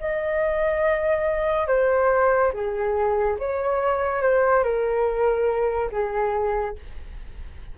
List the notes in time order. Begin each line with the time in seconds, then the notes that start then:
0.00 D#5
1.67 C5
2.53 G#4
3.39 C#5
4.22 C5
4.63 A#4
5.92 G#4